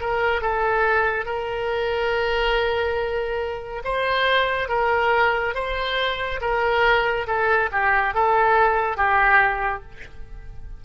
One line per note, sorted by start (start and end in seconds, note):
0.00 0.41 A#4
0.41 1.25 A4
1.25 3.82 A#4
3.84 4.69 C5
4.69 5.54 A#4
5.54 6.40 C5
6.41 7.27 A#4
7.27 7.70 A4
7.72 8.14 G4
8.14 8.97 A4
8.97 9.83 G4